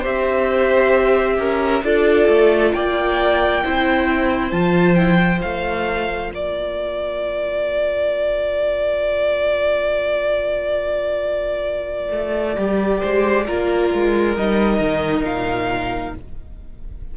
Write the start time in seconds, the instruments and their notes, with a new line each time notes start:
0.00 cello C4, viola G4, violin C5 E5
1.38 cello C#4, violin A#4
1.84 cello D4, viola F4, violin A4 D5
2.28 cello A3
2.73 cello A#3, violin D5 G5
3.63 cello C4, viola E4, violin C5
4.50 cello F3, viola F4, violin A5
4.95 viola E4, violin G5
5.19 viola F4
5.42 cello A3, violin F5
6.31 cello A#3, violin A#4 D5
12.12 cello A3
12.57 cello G3, viola G4
13.00 cello G#3, violin C5
13.46 cello A#3, viola F4, violin A#4
13.94 cello G#3
14.37 cello G3, viola D#4, violin D#5
14.80 cello D#3
15.24 cello A#2, violin F5